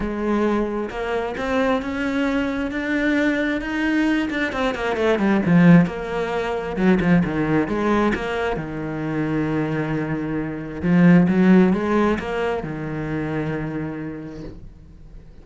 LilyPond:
\new Staff \with { instrumentName = "cello" } { \time 4/4 \tempo 4 = 133 gis2 ais4 c'4 | cis'2 d'2 | dis'4. d'8 c'8 ais8 a8 g8 | f4 ais2 fis8 f8 |
dis4 gis4 ais4 dis4~ | dis1 | f4 fis4 gis4 ais4 | dis1 | }